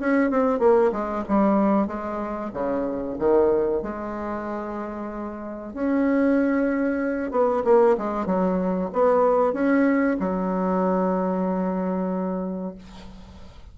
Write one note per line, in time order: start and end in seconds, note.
0.00 0.30 C#4
0.30 0.59 C4
0.59 0.91 A#3
0.92 1.24 G#3
1.28 1.87 G3
1.87 2.51 G#3
2.53 3.17 C#3
3.19 3.82 D#3
3.82 5.73 G#3
5.73 7.31 C#4
7.31 7.63 B3
7.64 7.96 A#3
7.98 8.26 G#3
8.26 8.90 F#3
8.93 9.53 B3
9.53 10.17 C#4
10.20 12.75 F#3